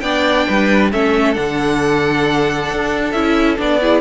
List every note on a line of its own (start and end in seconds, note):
0.00 0.46 B3
0.00 0.92 D4
0.00 0.47 D5
0.00 0.89 G5
0.47 0.93 G3
0.47 0.91 B4
0.92 1.37 A3
0.92 1.34 C#4
0.92 3.81 A4
0.92 1.34 E5
1.34 2.71 D3
1.34 3.12 D4
1.34 3.11 F#5
2.71 3.14 D4
3.11 3.58 C#4
3.11 3.57 E4
3.11 3.56 E5
3.57 4.01 B3
3.57 3.79 D4
3.57 4.01 D5
3.81 4.01 E4
3.81 4.01 G#4